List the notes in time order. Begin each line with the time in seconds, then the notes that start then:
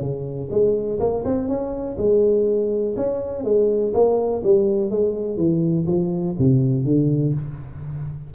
0.00 C#3
0.50 G#3
1.00 A#3
1.25 C4
1.48 C#4
1.97 G#3
2.96 C#4
3.44 G#3
3.94 A#3
4.43 G3
4.90 G#3
5.37 E3
5.87 F3
6.38 C3
6.84 D3